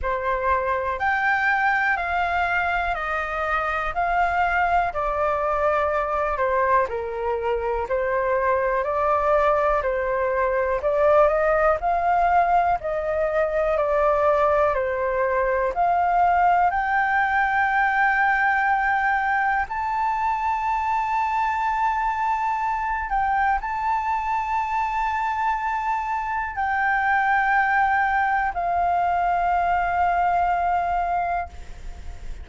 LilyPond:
\new Staff \with { instrumentName = "flute" } { \time 4/4 \tempo 4 = 61 c''4 g''4 f''4 dis''4 | f''4 d''4. c''8 ais'4 | c''4 d''4 c''4 d''8 dis''8 | f''4 dis''4 d''4 c''4 |
f''4 g''2. | a''2.~ a''8 g''8 | a''2. g''4~ | g''4 f''2. | }